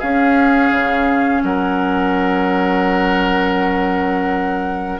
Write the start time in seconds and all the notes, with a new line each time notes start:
0.00 C#4 G#4 F5
0.71 C#3
1.44 F#3 A#4 F#5